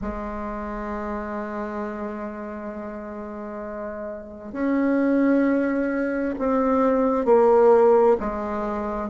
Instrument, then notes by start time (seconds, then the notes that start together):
bassoon
0.01 G#3
4.52 C#4
6.38 C4
7.25 A#3
8.20 G#3